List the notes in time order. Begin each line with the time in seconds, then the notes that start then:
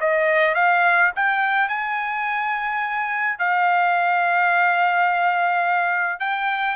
0.00 D#5
0.55 F5
1.16 G5
1.69 G#5
3.38 F5
6.19 G5